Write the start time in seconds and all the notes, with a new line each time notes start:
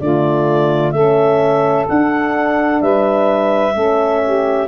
0.00 D3 A3 F4 D5
0.92 A3 C#4 A4 E5
1.89 D4 F#5
2.81 G3 B4 E5
3.74 A3 C#4 A4
4.24 G4